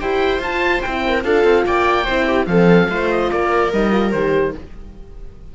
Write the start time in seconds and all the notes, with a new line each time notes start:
0.00 E4 G4 C5 G5
0.39 F4 A5
0.82 C4 E4 G5
1.07 A#4
1.23 D4 F4 A4 F5
1.44 C4
1.66 A#3 D5 G5
2.04 C4 E4 C5
2.26 G4
2.46 F3 C4 A4 F5
2.89 A3 F4 C5
3.10 D#5
3.31 A#3 A#4 D5
3.72 G3 D#4 D#5
3.91 F4
4.11 D#3 G4 C5